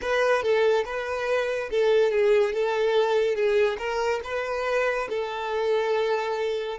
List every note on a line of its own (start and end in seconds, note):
0.01 0.42 B4
0.42 0.84 A4
0.85 1.69 B4
1.71 2.11 A4
2.11 2.53 G#4
2.53 3.35 A4
3.35 3.77 G#4
3.78 4.20 A#4
4.24 5.08 B4
5.09 6.78 A4